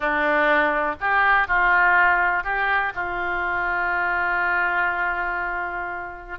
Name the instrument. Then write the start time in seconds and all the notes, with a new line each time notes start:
oboe
0.00 D4
1.00 G4
1.47 F4
2.43 G4
2.94 F4